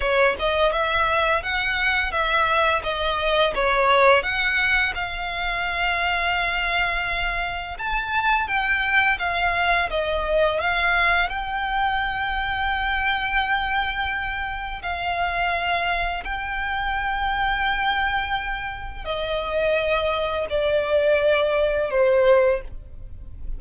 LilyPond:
\new Staff \with { instrumentName = "violin" } { \time 4/4 \tempo 4 = 85 cis''8 dis''8 e''4 fis''4 e''4 | dis''4 cis''4 fis''4 f''4~ | f''2. a''4 | g''4 f''4 dis''4 f''4 |
g''1~ | g''4 f''2 g''4~ | g''2. dis''4~ | dis''4 d''2 c''4 | }